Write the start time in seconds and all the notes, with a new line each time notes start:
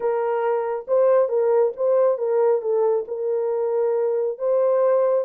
0.00 A#4
0.87 C5
1.28 A#4
1.76 C5
2.18 A#4
2.61 A4
3.07 A#4
4.38 C5